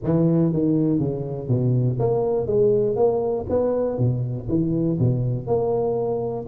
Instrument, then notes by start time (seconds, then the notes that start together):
tuba
0.03 E3
0.53 D#3
0.99 C#3
1.48 B2
1.99 A#3
2.46 G#3
2.95 A#3
3.49 B3
3.98 B2
4.48 E3
4.98 B2
5.47 A#3